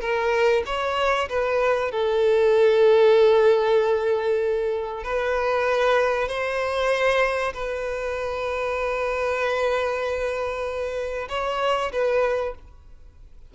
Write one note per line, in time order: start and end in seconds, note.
0.00 0.62 A#4
0.66 1.28 C#5
1.29 1.91 B4
1.91 5.04 A4
5.04 6.28 B4
6.28 7.53 C5
7.53 11.28 B4
11.29 11.91 C#5
11.92 12.54 B4